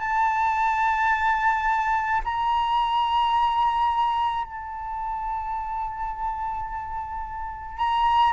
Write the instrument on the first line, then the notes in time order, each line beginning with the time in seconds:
flute
0.00 A5
2.24 A#5
4.45 A5
7.78 A#5